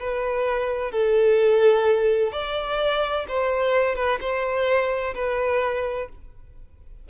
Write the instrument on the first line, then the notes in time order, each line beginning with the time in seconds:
violin
0.00 B4
0.92 A4
2.33 D5
3.29 C5
3.96 B4
4.21 C5
5.15 B4